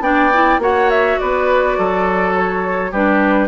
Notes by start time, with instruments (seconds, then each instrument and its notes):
0.00 bassoon B3, clarinet D4, oboe D5, flute G5
0.33 clarinet E4
0.58 bassoon A#3, clarinet F#4, oboe C#5, flute F#5
0.90 flute E5
1.19 bassoon B3, oboe B4, flute D5
1.78 bassoon F#3, oboe A4
2.35 flute C#5
2.91 bassoon G3, clarinet D4, oboe G4, flute B4